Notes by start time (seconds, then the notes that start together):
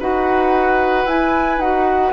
0.00 D#4 F#4 B4 F#5
1.05 E4 G#5
1.58 D#4 F#4 F#5